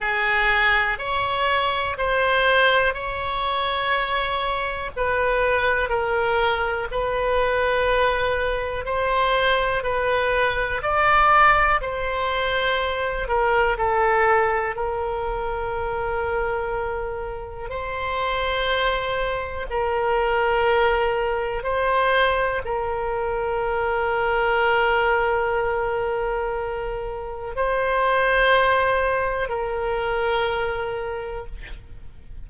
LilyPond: \new Staff \with { instrumentName = "oboe" } { \time 4/4 \tempo 4 = 61 gis'4 cis''4 c''4 cis''4~ | cis''4 b'4 ais'4 b'4~ | b'4 c''4 b'4 d''4 | c''4. ais'8 a'4 ais'4~ |
ais'2 c''2 | ais'2 c''4 ais'4~ | ais'1 | c''2 ais'2 | }